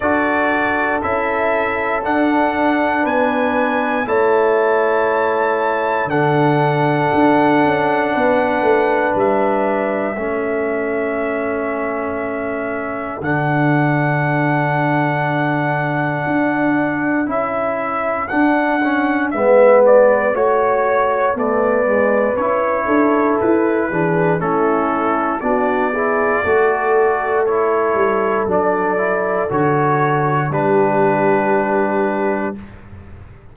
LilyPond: <<
  \new Staff \with { instrumentName = "trumpet" } { \time 4/4 \tempo 4 = 59 d''4 e''4 fis''4 gis''4 | a''2 fis''2~ | fis''4 e''2.~ | e''4 fis''2.~ |
fis''4 e''4 fis''4 e''8 d''8 | cis''4 d''4 cis''4 b'4 | a'4 d''2 cis''4 | d''4 cis''4 b'2 | }
  \new Staff \with { instrumentName = "horn" } { \time 4/4 a'2. b'4 | cis''2 a'2 | b'2 a'2~ | a'1~ |
a'2. b'4 | cis''4 b'4. a'4 gis'8 | e'4 fis'8 gis'8 a'2~ | a'2 g'2 | }
  \new Staff \with { instrumentName = "trombone" } { \time 4/4 fis'4 e'4 d'2 | e'2 d'2~ | d'2 cis'2~ | cis'4 d'2.~ |
d'4 e'4 d'8 cis'8 b4 | fis'4 a8 gis8 e'4. d'8 | cis'4 d'8 e'8 fis'4 e'4 | d'8 e'8 fis'4 d'2 | }
  \new Staff \with { instrumentName = "tuba" } { \time 4/4 d'4 cis'4 d'4 b4 | a2 d4 d'8 cis'8 | b8 a8 g4 a2~ | a4 d2. |
d'4 cis'4 d'4 gis4 | a4 b4 cis'8 d'8 e'8 e8 | a4 b4 a4. g8 | fis4 d4 g2 | }
>>